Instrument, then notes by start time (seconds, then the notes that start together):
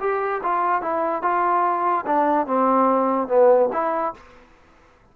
trombone
0.00 G4
0.43 F4
0.82 E4
1.22 F4
2.06 D4
2.47 C4
3.28 B3
3.73 E4